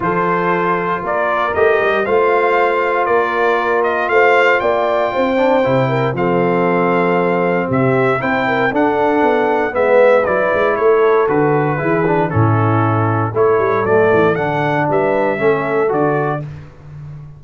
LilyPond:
<<
  \new Staff \with { instrumentName = "trumpet" } { \time 4/4 \tempo 4 = 117 c''2 d''4 dis''4 | f''2 d''4. dis''8 | f''4 g''2. | f''2. e''4 |
g''4 fis''2 e''4 | d''4 cis''4 b'2 | a'2 cis''4 d''4 | fis''4 e''2 d''4 | }
  \new Staff \with { instrumentName = "horn" } { \time 4/4 a'2 ais'2 | c''2 ais'2 | c''4 d''4 c''4. ais'8 | a'2. g'4 |
c''8 ais'8 a'2 b'4~ | b'4 a'2 gis'4 | e'2 a'2~ | a'4 b'4 a'2 | }
  \new Staff \with { instrumentName = "trombone" } { \time 4/4 f'2. g'4 | f'1~ | f'2~ f'8 d'8 e'4 | c'1 |
e'4 d'2 b4 | e'2 fis'4 e'8 d'8 | cis'2 e'4 a4 | d'2 cis'4 fis'4 | }
  \new Staff \with { instrumentName = "tuba" } { \time 4/4 f2 ais4 a8 g8 | a2 ais2 | a4 ais4 c'4 c4 | f2. c4 |
c'4 d'4 b4 gis4 | fis8 gis8 a4 d4 e4 | a,2 a8 g8 fis8 e8 | d4 g4 a4 d4 | }
>>